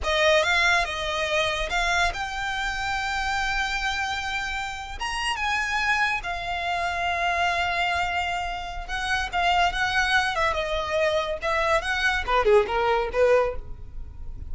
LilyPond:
\new Staff \with { instrumentName = "violin" } { \time 4/4 \tempo 4 = 142 dis''4 f''4 dis''2 | f''4 g''2.~ | g''2.~ g''8. ais''16~ | ais''8. gis''2 f''4~ f''16~ |
f''1~ | f''4 fis''4 f''4 fis''4~ | fis''8 e''8 dis''2 e''4 | fis''4 b'8 gis'8 ais'4 b'4 | }